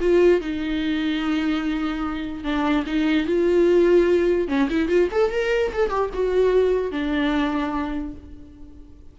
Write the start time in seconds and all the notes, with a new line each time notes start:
0.00 F4
0.40 D#4
2.44 D4
2.86 D#4
3.26 F4
4.47 C#4
4.69 E4
4.88 F4
5.11 A4
5.31 A#4
5.73 A4
5.89 G4
6.13 F#4
6.91 D4